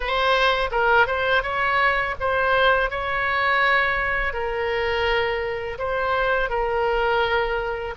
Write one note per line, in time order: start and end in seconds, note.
0.00 0.69 C5
0.71 1.06 A#4
1.06 1.42 C5
1.42 2.15 C#5
2.19 2.90 C5
2.90 4.33 C#5
4.33 5.77 A#4
5.78 6.49 C5
6.49 7.94 A#4